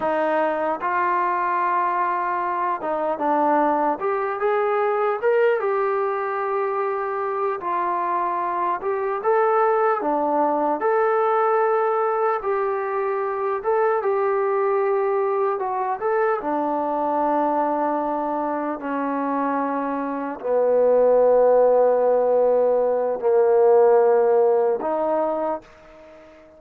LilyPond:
\new Staff \with { instrumentName = "trombone" } { \time 4/4 \tempo 4 = 75 dis'4 f'2~ f'8 dis'8 | d'4 g'8 gis'4 ais'8 g'4~ | g'4. f'4. g'8 a'8~ | a'8 d'4 a'2 g'8~ |
g'4 a'8 g'2 fis'8 | a'8 d'2. cis'8~ | cis'4. b2~ b8~ | b4 ais2 dis'4 | }